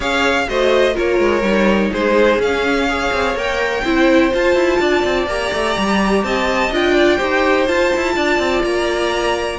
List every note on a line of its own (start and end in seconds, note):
0.00 0.47 C#4
0.00 0.47 G#4
0.00 0.45 C#5
0.00 0.48 F5
0.48 0.96 A3
0.48 0.93 F#4
0.48 0.94 C5
0.48 0.96 D#5
0.93 1.19 A#3
0.93 1.41 F4
0.93 1.90 A#4
0.93 1.93 C#5
1.19 1.42 G#3
1.42 1.90 G3
1.42 2.40 D#4
1.91 2.38 G#3
1.91 2.87 G#4
1.91 2.41 C5
2.38 3.10 C#4
2.38 2.88 C#4
2.38 3.37 F5
2.88 3.36 G#4
2.88 3.84 C#5
3.12 3.34 C4
3.34 3.82 A#3
3.34 3.84 A#4
3.34 4.34 G5
3.84 4.32 C4
3.84 4.30 E4
3.84 4.80 C5
4.30 5.26 F4
4.30 4.55 F4
4.30 5.28 A5
4.55 4.79 E4
4.79 5.03 D4
4.79 6.24 D5
5.04 5.27 C4
5.27 5.51 A#3
5.27 6.72 G4
5.27 6.24 A#5
5.53 5.76 A3
5.77 6.23 G3
6.23 6.71 C4
6.23 6.95 D#5
6.23 6.71 A5
6.71 7.19 D4
6.71 7.18 F4
6.71 7.67 G5
6.95 7.16 D5
7.16 7.68 D#4
7.16 7.66 G4
7.16 8.12 C5
7.66 9.58 F4
7.66 7.92 F4
7.66 8.63 A5
7.96 8.16 E4
8.15 8.38 D4
8.15 9.59 D5
8.38 8.62 C4
8.63 9.59 A#3
8.63 9.59 A#5